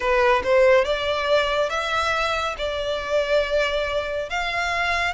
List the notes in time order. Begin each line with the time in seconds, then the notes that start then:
0.00 B4
0.43 C5
0.85 D5
1.69 E5
2.58 D5
4.29 F5